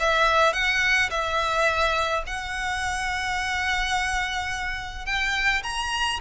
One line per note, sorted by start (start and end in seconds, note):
0.00 0.54 E5
0.54 1.10 F#5
1.10 2.24 E5
2.27 5.06 F#5
5.06 5.63 G5
5.63 6.20 A#5